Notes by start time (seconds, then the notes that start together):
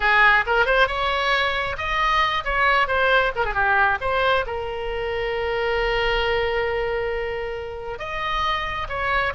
0.00 G#4
0.46 A#4
0.65 C5
0.87 C#5
1.77 D#5
2.44 C#5
2.87 C5
3.35 A#4
3.45 G#4
3.54 G4
4.01 C5
4.46 A#4
7.98 D#5
8.88 C#5